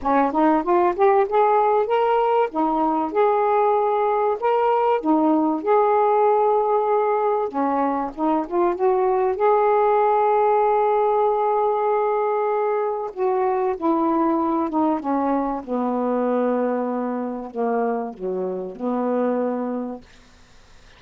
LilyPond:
\new Staff \with { instrumentName = "saxophone" } { \time 4/4 \tempo 4 = 96 cis'8 dis'8 f'8 g'8 gis'4 ais'4 | dis'4 gis'2 ais'4 | dis'4 gis'2. | cis'4 dis'8 f'8 fis'4 gis'4~ |
gis'1~ | gis'4 fis'4 e'4. dis'8 | cis'4 b2. | ais4 fis4 b2 | }